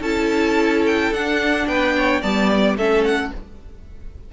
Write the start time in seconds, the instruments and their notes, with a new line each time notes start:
0.00 cello C#4, viola E4, violin A4 A5
0.86 violin G5
1.11 cello D4, viola D4, violin F#5
1.67 cello B3, violin B4 G5
1.97 violin C#5
2.21 cello G3, viola B3, violin D5 A5
2.49 violin D5
2.75 cello A3, viola C#4, violin A4 E5
3.04 violin F#5